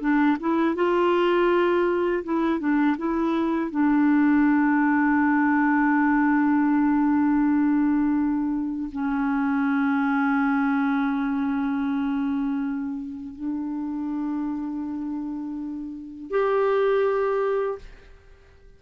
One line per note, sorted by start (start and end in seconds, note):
0.00 0.37 D4
0.40 0.75 E4
0.75 2.23 F4
2.24 2.59 E4
2.59 2.96 D4
2.97 3.71 E4
3.71 8.89 D4
8.92 13.34 C#4
13.34 16.30 D4
16.30 17.78 G4